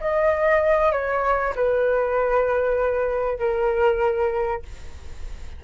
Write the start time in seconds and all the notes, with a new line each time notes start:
0.00 D#5
0.92 C#5
1.55 B4
3.38 A#4